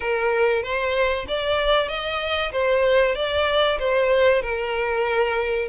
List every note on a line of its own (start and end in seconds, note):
0.00 0.62 A#4
0.63 1.26 C5
1.28 1.88 D5
1.88 2.51 D#5
2.52 3.15 C5
3.15 3.78 D5
3.79 4.42 C5
4.42 5.68 A#4